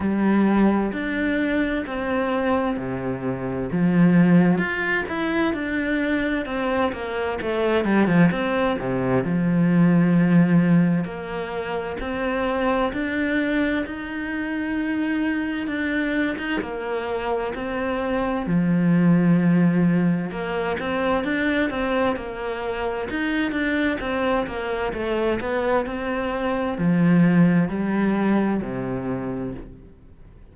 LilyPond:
\new Staff \with { instrumentName = "cello" } { \time 4/4 \tempo 4 = 65 g4 d'4 c'4 c4 | f4 f'8 e'8 d'4 c'8 ais8 | a8 g16 f16 c'8 c8 f2 | ais4 c'4 d'4 dis'4~ |
dis'4 d'8. dis'16 ais4 c'4 | f2 ais8 c'8 d'8 c'8 | ais4 dis'8 d'8 c'8 ais8 a8 b8 | c'4 f4 g4 c4 | }